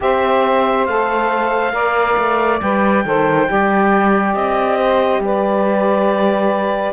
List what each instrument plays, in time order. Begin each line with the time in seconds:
0.00 cello C4, saxophone G4 C5, clarinet E5
0.85 cello A3, saxophone A4, clarinet F5
1.72 cello A#3, saxophone A#4 D5
2.17 cello A3
2.60 cello G3, saxophone B4, clarinet G5
3.04 cello D#3, saxophone A4 C5
3.47 cello G3, saxophone G4 D5
4.34 cello C4, clarinet D#5
4.78 saxophone C5
5.19 cello G3, saxophone B4, clarinet D5